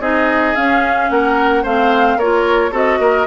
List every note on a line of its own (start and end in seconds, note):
0.00 0.55 C4
0.00 0.55 D#4
0.00 1.09 G#4
0.00 0.55 D#5
0.55 1.65 C#4
0.55 1.10 C#4
0.55 1.10 F5
1.10 1.64 A#3
1.10 1.63 A#4
1.10 1.64 F#5
1.63 2.16 A3
1.63 2.20 C4
1.63 2.17 C5
1.63 2.19 F5
2.16 2.71 A#3
2.16 2.71 F4
2.16 2.71 A#4
2.16 2.73 C#5
2.71 2.99 C4
2.71 3.26 F#4
2.71 2.98 A4
2.71 3.27 D#5
2.99 3.26 A#3
2.99 3.27 A#4